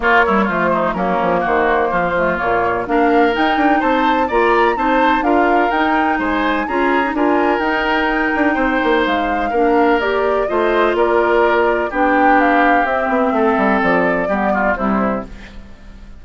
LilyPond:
<<
  \new Staff \with { instrumentName = "flute" } { \time 4/4 \tempo 4 = 126 cis''4 c''4 ais'4 c''4~ | c''4 cis''4 f''4 g''4 | a''4 ais''4 a''4 f''4 | g''4 gis''4 ais''4 gis''4 |
g''2. f''4~ | f''4 d''4 dis''4 d''4~ | d''4 g''4 f''4 e''4~ | e''4 d''2 c''4 | }
  \new Staff \with { instrumentName = "oboe" } { \time 4/4 f'8 e'8 f'8 dis'8 cis'4 fis'4 | f'2 ais'2 | c''4 d''4 c''4 ais'4~ | ais'4 c''4 gis'4 ais'4~ |
ais'2 c''2 | ais'2 c''4 ais'4~ | ais'4 g'2. | a'2 g'8 f'8 e'4 | }
  \new Staff \with { instrumentName = "clarinet" } { \time 4/4 ais8 g8 a4 ais2~ | ais8 a8 ais4 d'4 dis'4~ | dis'4 f'4 dis'4 f'4 | dis'2 f'8. dis'16 f'4 |
dis'1 | d'4 g'4 f'2~ | f'4 d'2 c'4~ | c'2 b4 g4 | }
  \new Staff \with { instrumentName = "bassoon" } { \time 4/4 ais4 f4 fis8 f8 dis4 | f4 ais,4 ais4 dis'8 d'8 | c'4 ais4 c'4 d'4 | dis'4 gis4 cis'4 d'4 |
dis'4. d'8 c'8 ais8 gis4 | ais2 a4 ais4~ | ais4 b2 c'8 b8 | a8 g8 f4 g4 c4 | }
>>